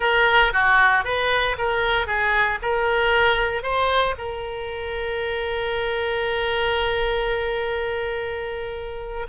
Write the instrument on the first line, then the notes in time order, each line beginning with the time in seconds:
oboe
0.00 A#4
0.52 F#4
1.04 B4
1.58 A#4
2.06 G#4
2.62 A#4
3.62 C5
4.18 A#4